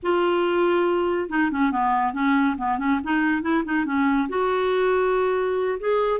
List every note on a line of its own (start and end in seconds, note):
0.02 1.29 F4
1.29 1.51 D#4
1.51 1.71 C#4
1.71 2.13 B3
2.13 2.56 C#4
2.57 2.78 B3
2.78 2.99 C#4
3.03 3.42 D#4
3.42 3.63 E4
3.64 3.85 D#4
3.85 4.28 C#4
4.28 5.78 F#4
5.79 6.20 G#4